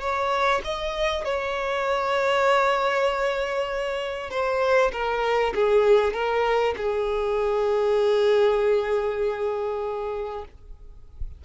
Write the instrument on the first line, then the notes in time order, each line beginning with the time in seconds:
violin
0.00 C#5
0.64 D#5
1.24 C#5
4.30 C5
4.92 A#4
5.54 G#4
6.13 A#4
6.77 G#4